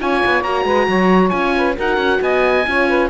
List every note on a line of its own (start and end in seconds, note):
0.00 0.23 C#4
0.00 0.44 F4
0.00 0.65 C#5
0.00 0.44 G#5
0.25 0.44 B3
0.44 0.65 A#3
0.44 1.31 F#4
0.44 1.30 A#5
0.65 0.87 G#3
0.65 0.87 B4
0.88 1.32 F#3
0.88 1.55 C#5
1.30 1.77 C#4
1.30 1.75 F4
1.30 1.74 G#5
1.57 1.76 B4
1.76 1.97 D#4
1.76 2.67 F#4
1.76 2.20 A#4
1.76 2.23 F#5
1.97 2.19 C#4
2.22 2.66 B3
2.22 2.67 D#5
2.22 3.10 G#5
2.67 3.10 C#4
2.67 3.10 F4
2.67 2.88 C#5
2.88 3.10 B4